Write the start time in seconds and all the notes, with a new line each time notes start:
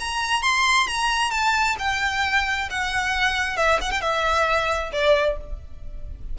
0.00 A#5
0.42 C6
0.88 A#5
1.31 A5
1.79 G5
2.70 F#5
3.57 E5
3.81 F#5
3.92 G5
4.02 E5
4.93 D5